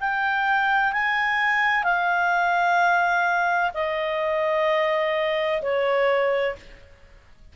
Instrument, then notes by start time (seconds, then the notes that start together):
clarinet
0.00 G5
0.92 G#5
1.84 F5
3.74 D#5
5.62 C#5